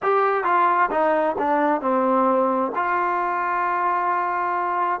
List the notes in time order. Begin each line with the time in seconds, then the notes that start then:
0.02 G4
0.43 F4
0.90 D#4
1.38 D4
1.81 C4
2.75 F4